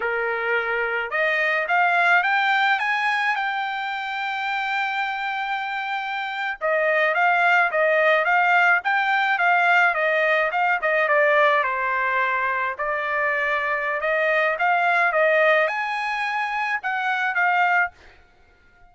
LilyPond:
\new Staff \with { instrumentName = "trumpet" } { \time 4/4 \tempo 4 = 107 ais'2 dis''4 f''4 | g''4 gis''4 g''2~ | g''2.~ g''8. dis''16~ | dis''8. f''4 dis''4 f''4 g''16~ |
g''8. f''4 dis''4 f''8 dis''8 d''16~ | d''8. c''2 d''4~ d''16~ | d''4 dis''4 f''4 dis''4 | gis''2 fis''4 f''4 | }